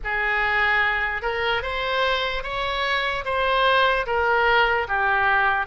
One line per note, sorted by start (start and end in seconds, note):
0.04 1.22 G#4
1.22 1.62 A#4
1.62 2.43 C5
2.43 3.24 C#5
3.24 4.05 C5
4.06 4.87 A#4
4.88 5.66 G4